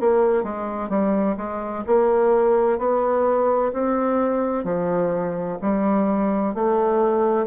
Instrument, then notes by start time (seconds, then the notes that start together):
bassoon
0.00 A#3
0.43 G#3
0.89 G3
1.37 G#3
1.87 A#3
2.78 B3
3.73 C4
4.64 F3
5.62 G3
6.54 A3